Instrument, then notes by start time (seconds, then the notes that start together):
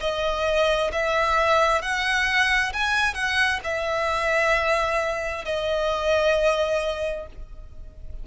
violin
0.00 D#5
0.92 E5
1.82 F#5
2.73 G#5
3.14 F#5
3.64 E5
5.45 D#5